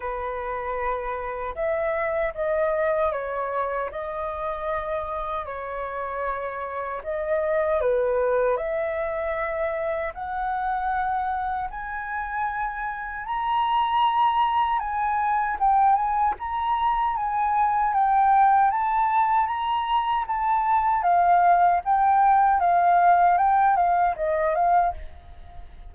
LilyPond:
\new Staff \with { instrumentName = "flute" } { \time 4/4 \tempo 4 = 77 b'2 e''4 dis''4 | cis''4 dis''2 cis''4~ | cis''4 dis''4 b'4 e''4~ | e''4 fis''2 gis''4~ |
gis''4 ais''2 gis''4 | g''8 gis''8 ais''4 gis''4 g''4 | a''4 ais''4 a''4 f''4 | g''4 f''4 g''8 f''8 dis''8 f''8 | }